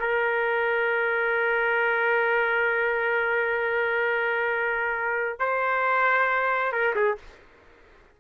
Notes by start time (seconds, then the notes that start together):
0.00 A#4
5.40 C5
6.73 A#4
6.96 G#4